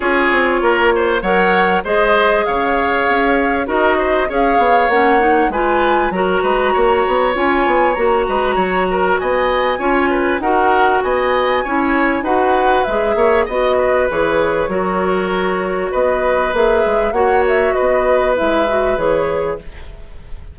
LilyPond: <<
  \new Staff \with { instrumentName = "flute" } { \time 4/4 \tempo 4 = 98 cis''2 fis''4 dis''4 | f''2 dis''4 f''4 | fis''4 gis''4 ais''2 | gis''4 ais''2 gis''4~ |
gis''4 fis''4 gis''2 | fis''4 e''4 dis''4 cis''4~ | cis''2 dis''4 e''4 | fis''8 e''8 dis''4 e''4 cis''4 | }
  \new Staff \with { instrumentName = "oboe" } { \time 4/4 gis'4 ais'8 c''8 cis''4 c''4 | cis''2 ais'8 c''8 cis''4~ | cis''4 b'4 ais'8 b'8 cis''4~ | cis''4. b'8 cis''8 ais'8 dis''4 |
cis''8 b'8 ais'4 dis''4 cis''4 | b'4. cis''8 dis''8 b'4. | ais'2 b'2 | cis''4 b'2. | }
  \new Staff \with { instrumentName = "clarinet" } { \time 4/4 f'2 ais'4 gis'4~ | gis'2 fis'4 gis'4 | cis'8 dis'8 f'4 fis'2 | f'4 fis'2. |
f'4 fis'2 e'4 | fis'4 gis'4 fis'4 gis'4 | fis'2. gis'4 | fis'2 e'8 fis'8 gis'4 | }
  \new Staff \with { instrumentName = "bassoon" } { \time 4/4 cis'8 c'8 ais4 fis4 gis4 | cis4 cis'4 dis'4 cis'8 b8 | ais4 gis4 fis8 gis8 ais8 b8 | cis'8 b8 ais8 gis8 fis4 b4 |
cis'4 dis'4 b4 cis'4 | dis'4 gis8 ais8 b4 e4 | fis2 b4 ais8 gis8 | ais4 b4 gis4 e4 | }
>>